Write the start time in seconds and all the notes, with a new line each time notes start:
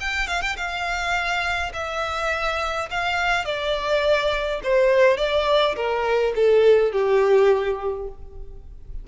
0.00 G5
0.27 F5
0.42 G5
0.57 F5
1.73 E5
2.90 F5
3.45 D5
4.63 C5
5.17 D5
5.76 A#4
6.35 A4
6.92 G4